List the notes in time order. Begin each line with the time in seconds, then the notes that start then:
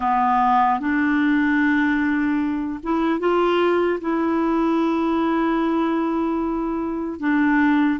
0.00 B3
0.80 D4
2.83 E4
3.19 F4
4.00 E4
7.19 D4